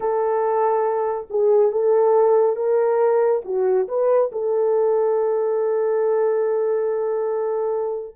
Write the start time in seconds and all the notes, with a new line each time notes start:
0.00 A4
1.29 G#4
1.71 A4
2.56 A#4
3.44 F#4
3.88 B4
4.31 A4